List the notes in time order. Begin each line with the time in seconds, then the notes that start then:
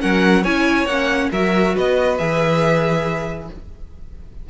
0.00 F#3 C#4 A#4 F#5
0.43 C#4 E4 C#5 G#5
0.86 A#3 C#4 F#5
1.32 F#3 F#4 A#4 E5
1.75 B3 B4 D#5
2.18 E3 G#4 E5